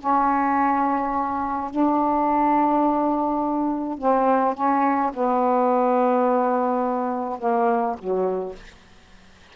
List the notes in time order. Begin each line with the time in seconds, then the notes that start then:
0.00 C#4
1.71 D4
3.99 C4
4.55 C#4
5.14 B3
7.39 A#3
7.99 F#3